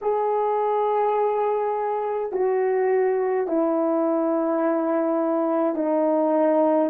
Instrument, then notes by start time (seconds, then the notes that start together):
horn
0.01 G#4
2.32 F#4
3.47 E4
5.75 D#4